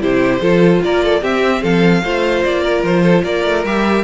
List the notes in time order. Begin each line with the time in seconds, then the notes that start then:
0.00 C3 E4 G4 C5
0.41 F3 F4 A4
0.83 A#3 A#4 D5
1.04 A4
1.21 C4 G4 E5
1.62 F3 A4 F5
2.03 A3 F4 C5
2.43 A#3 D5
2.62 A#4
2.83 F3 C5
3.03 A4
3.24 A#3 A#4 D5
3.44 A3
3.64 G3 G4 E5